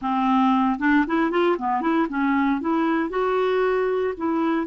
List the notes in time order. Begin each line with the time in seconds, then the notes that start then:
0.01 C4
0.79 D4
1.06 E4
1.30 F4
1.58 B3
1.81 E4
2.08 C#4
2.60 E4
3.09 F#4
4.17 E4